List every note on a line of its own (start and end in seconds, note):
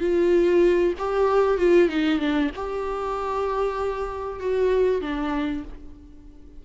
0.00 0.94 F4
0.98 1.58 G4
1.58 1.89 F4
1.89 2.19 D#4
2.19 2.50 D4
2.55 4.40 G4
4.40 5.01 F#4
5.01 5.64 D4